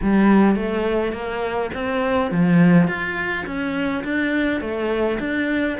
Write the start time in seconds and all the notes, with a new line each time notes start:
0.02 G3
0.55 A3
1.12 A#3
1.73 C4
2.31 F3
2.87 F4
3.46 C#4
4.04 D4
4.60 A3
5.19 D4